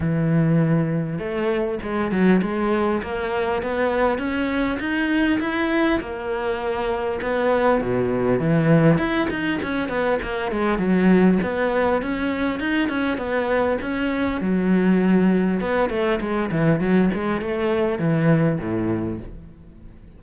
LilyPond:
\new Staff \with { instrumentName = "cello" } { \time 4/4 \tempo 4 = 100 e2 a4 gis8 fis8 | gis4 ais4 b4 cis'4 | dis'4 e'4 ais2 | b4 b,4 e4 e'8 dis'8 |
cis'8 b8 ais8 gis8 fis4 b4 | cis'4 dis'8 cis'8 b4 cis'4 | fis2 b8 a8 gis8 e8 | fis8 gis8 a4 e4 a,4 | }